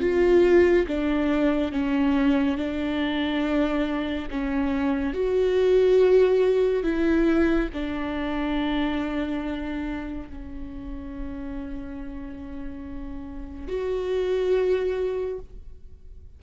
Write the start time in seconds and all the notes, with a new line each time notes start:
0.00 F4
0.87 D4
1.72 C#4
2.57 D4
4.30 C#4
5.14 F#4
6.83 E4
7.73 D4
10.29 C#4
13.68 F#4